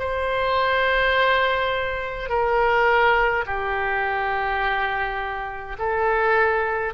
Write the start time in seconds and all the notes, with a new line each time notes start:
0.00 C5
2.30 A#4
3.47 G4
5.79 A4